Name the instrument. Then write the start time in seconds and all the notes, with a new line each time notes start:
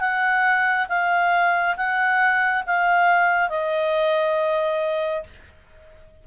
clarinet
0.00 F#5
0.89 F5
1.77 F#5
2.67 F5
3.49 D#5